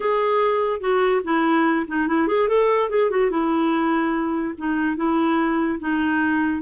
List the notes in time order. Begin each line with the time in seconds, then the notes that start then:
0.00 G#4
0.80 F#4
1.24 E4
1.87 D#4
2.07 E4
2.27 G#4
2.48 A4
2.89 G#4
3.10 F#4
3.30 E4
4.57 D#4
4.96 E4
5.79 D#4